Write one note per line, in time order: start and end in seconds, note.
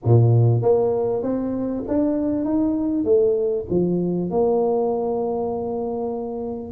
0.04 0.62 A#2
0.62 1.22 A#3
1.22 1.84 C4
1.88 2.45 D4
2.45 3.04 D#4
3.04 3.65 A3
3.70 4.30 F3
4.30 6.72 A#3